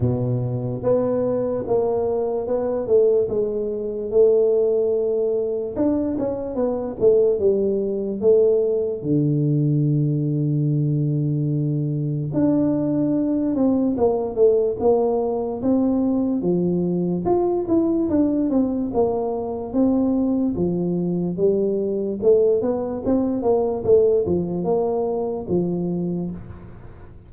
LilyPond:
\new Staff \with { instrumentName = "tuba" } { \time 4/4 \tempo 4 = 73 b,4 b4 ais4 b8 a8 | gis4 a2 d'8 cis'8 | b8 a8 g4 a4 d4~ | d2. d'4~ |
d'8 c'8 ais8 a8 ais4 c'4 | f4 f'8 e'8 d'8 c'8 ais4 | c'4 f4 g4 a8 b8 | c'8 ais8 a8 f8 ais4 f4 | }